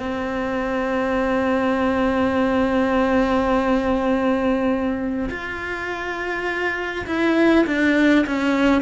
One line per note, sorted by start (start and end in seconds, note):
0.00 5.29 C4
5.30 7.06 F4
7.07 7.66 E4
7.67 8.26 D4
8.27 8.82 C#4